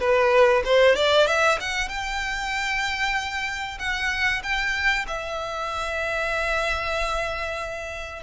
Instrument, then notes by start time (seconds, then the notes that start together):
violin
0.00 B4
0.65 C5
0.96 D5
1.27 E5
1.60 F#5
1.89 G5
3.79 F#5
4.43 G5
5.08 E5